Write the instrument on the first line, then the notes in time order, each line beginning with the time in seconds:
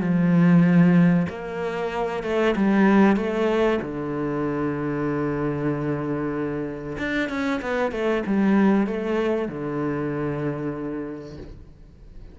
cello
0.00 F3
1.29 A#3
2.23 A3
2.56 G3
3.16 A3
3.81 D3
6.98 D4
7.29 C#4
7.61 B3
7.91 A3
8.26 G3
8.87 A3
9.48 D3